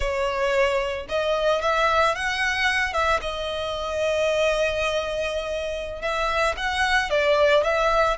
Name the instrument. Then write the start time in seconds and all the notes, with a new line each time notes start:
violin
0.00 C#5
1.09 D#5
1.61 E5
2.15 F#5
2.93 E5
3.21 D#5
6.01 E5
6.56 F#5
7.10 D5
7.63 E5